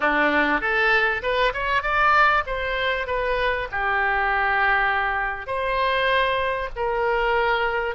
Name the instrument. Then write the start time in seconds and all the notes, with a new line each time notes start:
oboe
0.00 D4
0.60 A4
1.22 B4
1.53 C#5
1.82 D5
2.46 C5
3.06 B4
3.71 G4
5.46 C5
6.75 A#4